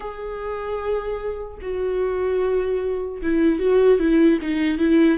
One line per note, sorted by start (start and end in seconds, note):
0.00 1.58 G#4
1.61 3.21 F#4
3.22 3.59 E4
3.59 3.99 F#4
3.99 4.39 E4
4.41 4.78 D#4
4.78 5.18 E4